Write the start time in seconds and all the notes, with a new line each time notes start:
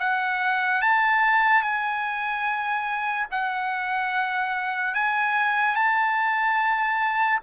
0.00 F#5
0.82 A5
1.62 G#5
3.31 F#5
4.95 G#5
5.75 A5